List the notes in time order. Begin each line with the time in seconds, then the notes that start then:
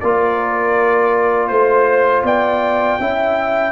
0.00 A#3 F4 A#4 D5
1.47 A3 C5
2.23 B3 D5 G5
3.00 C#4 E4 E5